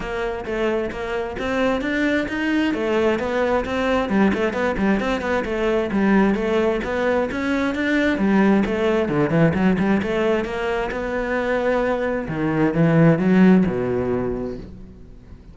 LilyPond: \new Staff \with { instrumentName = "cello" } { \time 4/4 \tempo 4 = 132 ais4 a4 ais4 c'4 | d'4 dis'4 a4 b4 | c'4 g8 a8 b8 g8 c'8 b8 | a4 g4 a4 b4 |
cis'4 d'4 g4 a4 | d8 e8 fis8 g8 a4 ais4 | b2. dis4 | e4 fis4 b,2 | }